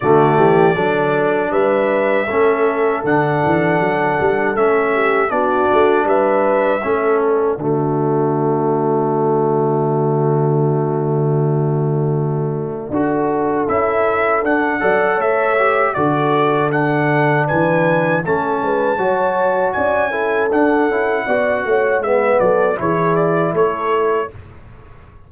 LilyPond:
<<
  \new Staff \with { instrumentName = "trumpet" } { \time 4/4 \tempo 4 = 79 d''2 e''2 | fis''2 e''4 d''4 | e''4. d''2~ d''8~ | d''1~ |
d''2 e''4 fis''4 | e''4 d''4 fis''4 gis''4 | a''2 gis''4 fis''4~ | fis''4 e''8 d''8 cis''8 d''8 cis''4 | }
  \new Staff \with { instrumentName = "horn" } { \time 4/4 fis'8 g'8 a'4 b'4 a'4~ | a'2~ a'8 g'8 fis'4 | b'4 a'4 fis'2~ | fis'1~ |
fis'4 a'2~ a'8 d''8 | cis''4 a'2 b'4 | a'8 b'8 cis''4 d''8 a'4. | d''8 cis''8 b'8 a'8 gis'4 a'4 | }
  \new Staff \with { instrumentName = "trombone" } { \time 4/4 a4 d'2 cis'4 | d'2 cis'4 d'4~ | d'4 cis'4 a2~ | a1~ |
a4 fis'4 e'4 d'8 a'8~ | a'8 g'8 fis'4 d'2 | cis'4 fis'4. e'8 d'8 e'8 | fis'4 b4 e'2 | }
  \new Staff \with { instrumentName = "tuba" } { \time 4/4 d8 e8 fis4 g4 a4 | d8 e8 fis8 g8 a4 b8 a8 | g4 a4 d2~ | d1~ |
d4 d'4 cis'4 d'8 fis8 | a4 d2 e4 | a8 gis8 fis4 cis'4 d'8 cis'8 | b8 a8 gis8 fis8 e4 a4 | }
>>